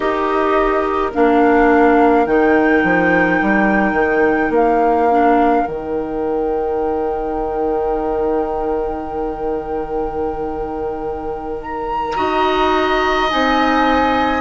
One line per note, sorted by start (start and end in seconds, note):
0.00 1.12 D#4
0.00 1.13 G4
0.00 12.12 A#4
0.00 1.10 D#5
1.13 2.26 A#3
1.13 2.25 D4
1.13 2.26 F5
2.25 2.83 D#3
2.25 5.08 D#4
2.25 4.53 G5
2.83 3.40 F3
3.41 3.92 G3
3.92 4.49 D#3
4.49 5.62 A#3
4.49 5.66 F5
5.10 5.66 D4
5.66 12.18 D#3
5.66 12.15 D#4
5.66 11.61 G5
11.61 13.29 A#5
12.15 13.31 D#4
12.15 13.29 F#4
12.15 14.41 D#5
13.29 14.41 C4
13.29 14.41 D#4
13.29 14.41 G#5